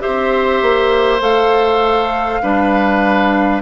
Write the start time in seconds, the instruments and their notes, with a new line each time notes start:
0.00 clarinet G4, oboe C5, flute E5
0.07 bassoon C4
0.62 bassoon A#3
1.21 bassoon A3, clarinet A4, flute F5
2.43 bassoon G3, clarinet D4, oboe B4